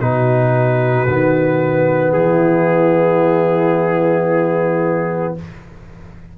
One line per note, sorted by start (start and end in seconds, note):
0.00 1.07 B2
0.00 1.08 D#4
0.00 2.15 F#4
0.00 2.13 B4
1.07 2.14 D#3
1.07 5.38 B3
2.13 5.35 E3
2.13 5.37 E4
2.13 5.34 G#4